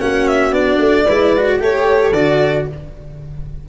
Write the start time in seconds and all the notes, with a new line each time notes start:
0.00 A#3 C#4 F#4 F#5
0.28 E5
0.52 B3 D4 D5
0.79 A3
1.05 G#3 E4 B4
1.37 F#4
1.59 A3 G4 A4 C#5
2.12 D3 F#4 D5